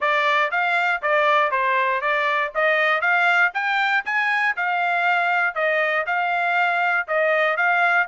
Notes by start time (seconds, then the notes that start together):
0.00 D5
0.51 F5
1.02 D5
1.51 C5
2.01 D5
2.55 D#5
3.01 F5
3.54 G5
4.05 G#5
4.56 F5
5.54 D#5
6.06 F5
7.07 D#5
7.56 F5